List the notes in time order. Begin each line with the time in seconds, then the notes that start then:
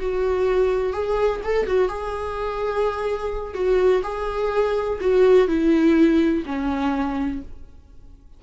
0.00 F#4
0.93 G#4
1.44 A4
1.67 F#4
1.89 G#4
3.55 F#4
4.03 G#4
5.01 F#4
5.48 E4
6.46 C#4